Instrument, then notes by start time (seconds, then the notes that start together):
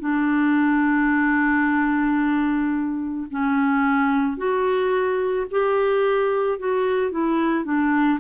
clarinet
0.00 D4
3.31 C#4
4.37 F#4
5.51 G4
6.59 F#4
7.11 E4
7.65 D4